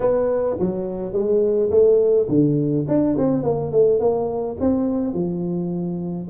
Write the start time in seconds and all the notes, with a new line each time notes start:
0.00 B3
0.59 F#3
1.12 G#3
1.70 A3
2.29 D3
2.88 D4
3.17 C4
3.43 A#3
3.71 A3
3.99 A#3
4.59 C4
5.13 F3